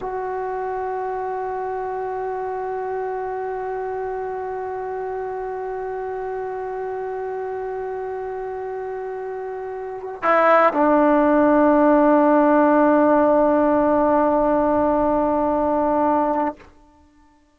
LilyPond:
\new Staff \with { instrumentName = "trombone" } { \time 4/4 \tempo 4 = 116 fis'1~ | fis'1~ | fis'1~ | fis'1~ |
fis'2.~ fis'8. e'16~ | e'8. d'2.~ d'16~ | d'1~ | d'1 | }